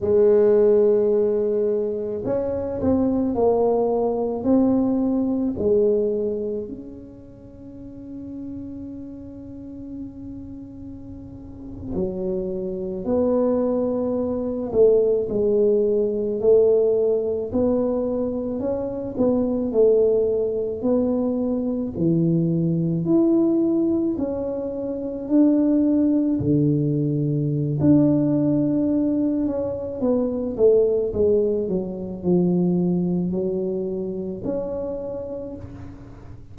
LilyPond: \new Staff \with { instrumentName = "tuba" } { \time 4/4 \tempo 4 = 54 gis2 cis'8 c'8 ais4 | c'4 gis4 cis'2~ | cis'2~ cis'8. fis4 b16~ | b4~ b16 a8 gis4 a4 b16~ |
b8. cis'8 b8 a4 b4 e16~ | e8. e'4 cis'4 d'4 d16~ | d4 d'4. cis'8 b8 a8 | gis8 fis8 f4 fis4 cis'4 | }